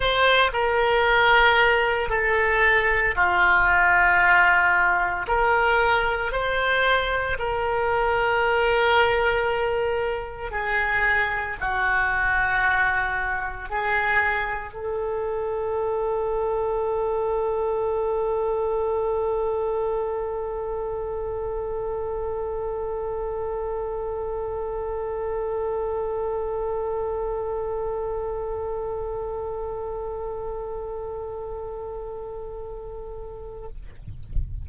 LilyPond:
\new Staff \with { instrumentName = "oboe" } { \time 4/4 \tempo 4 = 57 c''8 ais'4. a'4 f'4~ | f'4 ais'4 c''4 ais'4~ | ais'2 gis'4 fis'4~ | fis'4 gis'4 a'2~ |
a'1~ | a'1~ | a'1~ | a'1 | }